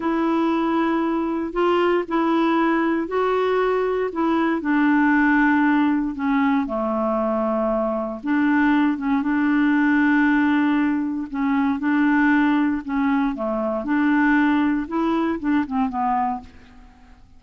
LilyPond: \new Staff \with { instrumentName = "clarinet" } { \time 4/4 \tempo 4 = 117 e'2. f'4 | e'2 fis'2 | e'4 d'2. | cis'4 a2. |
d'4. cis'8 d'2~ | d'2 cis'4 d'4~ | d'4 cis'4 a4 d'4~ | d'4 e'4 d'8 c'8 b4 | }